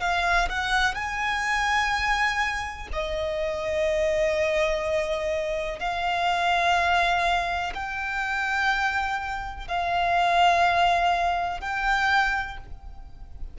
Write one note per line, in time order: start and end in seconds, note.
0.00 0.48 F5
0.49 0.94 F#5
0.94 2.88 G#5
2.93 5.79 D#5
5.79 7.73 F5
7.74 9.68 G5
9.68 11.61 F5
11.61 12.58 G5